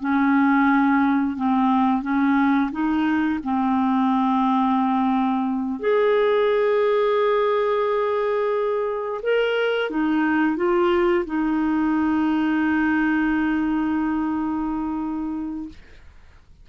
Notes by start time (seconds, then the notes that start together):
0.00 C#4
1.36 C4
2.02 C#4
2.71 D#4
3.43 C4
5.80 G#4
9.22 A#4
9.90 D#4
10.57 F4
11.25 D#4